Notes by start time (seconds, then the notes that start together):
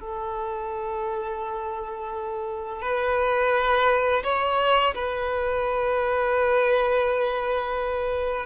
0.00 A4
2.81 B4
4.23 C#5
4.94 B4